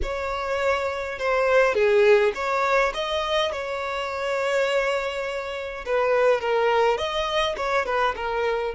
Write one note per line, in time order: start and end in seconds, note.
0.02 1.18 C#5
1.18 1.74 C5
1.74 2.32 G#4
2.34 2.93 C#5
2.94 3.51 D#5
3.51 5.84 C#5
5.85 6.41 B4
6.41 6.97 A#4
6.97 7.55 D#5
7.56 7.85 C#5
7.85 8.14 B4
8.16 8.74 A#4